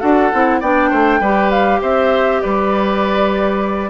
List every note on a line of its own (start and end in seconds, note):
0.00 0.32 D4
0.00 0.31 F#4
0.00 0.61 A4
0.00 0.60 F#5
0.33 0.62 C4
0.33 0.63 E4
0.61 0.92 B3
0.61 1.23 D4
0.61 0.90 D5
0.61 1.51 G5
0.90 1.21 A3
0.90 1.20 C5
1.20 1.80 G3
1.20 3.91 G4
1.20 1.80 B4
1.51 1.81 F5
1.82 2.43 C4
1.82 2.42 C5
1.82 2.41 E5
2.41 3.91 G3
2.41 3.91 B4
2.41 3.91 D5